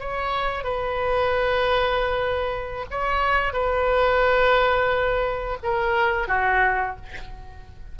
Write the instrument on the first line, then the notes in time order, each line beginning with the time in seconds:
oboe
0.00 C#5
0.64 B4
2.91 C#5
3.53 B4
5.63 A#4
6.28 F#4